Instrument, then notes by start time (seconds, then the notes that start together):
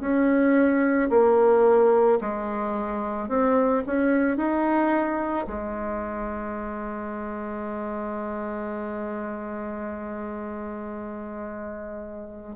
bassoon
0.00 C#4
1.10 A#3
2.21 G#3
3.29 C4
3.87 C#4
4.37 D#4
5.47 G#3